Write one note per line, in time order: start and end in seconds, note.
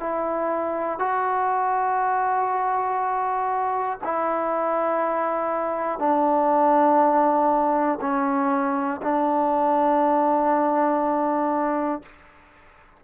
0.00 1.00 E4
1.00 4.00 F#4
4.04 6.00 E4
6.00 8.00 D4
8.02 9.02 C#4
9.02 12.02 D4